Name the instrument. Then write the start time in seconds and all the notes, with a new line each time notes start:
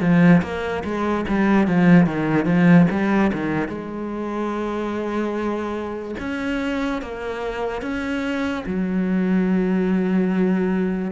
cello
0.00 F3
0.42 A#3
0.84 G#3
1.28 G3
1.67 F3
2.06 D#3
2.45 F3
2.90 G3
3.33 D#3
3.68 G#3
6.19 C#4
7.02 A#3
7.81 C#4
8.66 F#3